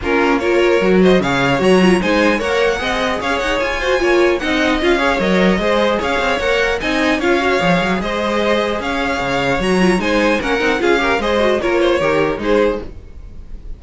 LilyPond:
<<
  \new Staff \with { instrumentName = "violin" } { \time 4/4 \tempo 4 = 150 ais'4 cis''4. dis''8 f''4 | ais''4 gis''4 fis''2 | f''8 fis''8 gis''2 fis''4 | f''4 dis''2 f''4 |
fis''4 gis''4 f''2 | dis''2 f''2 | ais''4 gis''4 fis''4 f''4 | dis''4 cis''2 c''4 | }
  \new Staff \with { instrumentName = "violin" } { \time 4/4 f'4 ais'4. c''8 cis''4~ | cis''4 c''4 cis''4 dis''4 | cis''4. c''8 cis''4 dis''4~ | dis''8 cis''4. c''4 cis''4~ |
cis''4 dis''4 cis''2 | c''2 cis''2~ | cis''4 c''4 ais'4 gis'8 ais'8 | c''4 ais'8 c''8 ais'4 gis'4 | }
  \new Staff \with { instrumentName = "viola" } { \time 4/4 cis'4 f'4 fis'4 gis'4 | fis'8 f'8 dis'4 ais'4 gis'4~ | gis'4. fis'8 f'4 dis'4 | f'8 gis'8 ais'4 gis'2 |
ais'4 dis'4 f'8 fis'8 gis'4~ | gis'1 | fis'8 f'8 dis'4 cis'8 dis'8 f'8 g'8 | gis'8 fis'8 f'4 g'4 dis'4 | }
  \new Staff \with { instrumentName = "cello" } { \time 4/4 ais2 fis4 cis4 | fis4 gis4 ais4 c'4 | cis'8 dis'8 f'4 ais4 c'4 | cis'4 fis4 gis4 cis'8 c'8 |
ais4 c'4 cis'4 f8 fis8 | gis2 cis'4 cis4 | fis4 gis4 ais8 c'8 cis'4 | gis4 ais4 dis4 gis4 | }
>>